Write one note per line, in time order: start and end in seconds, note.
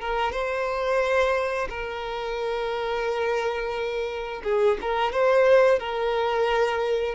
0.00 0.32 A#4
0.32 1.68 C5
1.69 4.42 A#4
4.43 4.78 G#4
4.81 5.12 A#4
5.12 5.79 C5
5.79 7.15 A#4